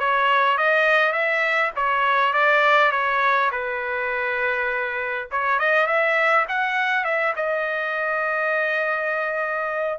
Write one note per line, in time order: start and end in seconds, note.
0.00 0.58 C#5
0.58 1.13 D#5
1.13 1.72 E5
1.77 2.33 C#5
2.33 2.92 D5
2.92 3.51 C#5
3.52 5.29 B4
5.32 5.60 C#5
5.60 5.87 D#5
5.87 6.46 E5
6.49 7.05 F#5
7.05 7.34 E5
7.36 9.99 D#5